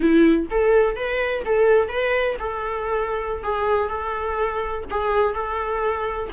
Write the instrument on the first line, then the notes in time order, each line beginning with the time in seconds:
viola
0.00 E4
0.50 A4
0.95 B4
1.45 A4
1.88 B4
2.39 A4
3.43 G#4
3.89 A4
4.90 G#4
5.34 A4